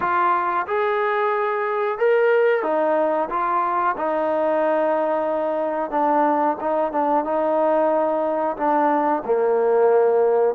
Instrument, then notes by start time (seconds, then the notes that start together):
trombone
0.00 F4
0.66 G#4
1.98 A#4
2.63 D#4
3.29 F4
3.97 D#4
5.90 D4
6.60 D#4
6.91 D4
7.24 D#4
8.57 D4
9.25 A#3